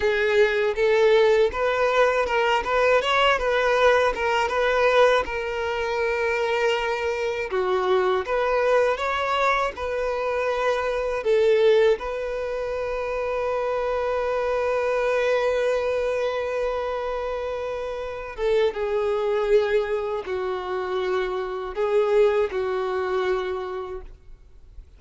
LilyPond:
\new Staff \with { instrumentName = "violin" } { \time 4/4 \tempo 4 = 80 gis'4 a'4 b'4 ais'8 b'8 | cis''8 b'4 ais'8 b'4 ais'4~ | ais'2 fis'4 b'4 | cis''4 b'2 a'4 |
b'1~ | b'1~ | b'8 a'8 gis'2 fis'4~ | fis'4 gis'4 fis'2 | }